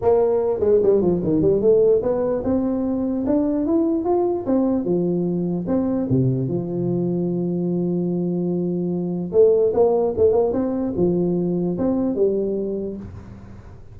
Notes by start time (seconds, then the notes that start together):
0.01 A#3
0.60 G#3
0.82 G3
1.01 F3
1.23 D#3
1.41 G3
1.61 A3
2.02 B3
2.44 C4
3.26 D4
3.66 E4
4.04 F4
4.46 C4
4.84 F3
5.67 C4
6.09 C3
6.48 F3
9.32 A3
9.73 A#3
10.17 A3
10.32 A#3
10.52 C4
10.96 F3
11.78 C4
12.15 G3